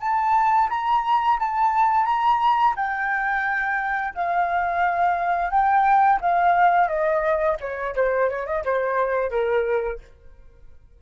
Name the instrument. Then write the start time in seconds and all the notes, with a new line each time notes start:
flute
0.00 A5
0.70 A#5
1.39 A5
2.05 A#5
2.76 G5
4.14 F5
5.50 G5
6.21 F5
6.88 D#5
7.61 C#5
7.96 C5
8.29 C#5
8.46 D#5
8.65 C5
9.30 A#4